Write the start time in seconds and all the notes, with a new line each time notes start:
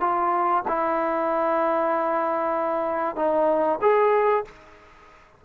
0.00 F4
0.67 E4
3.16 D#4
3.81 G#4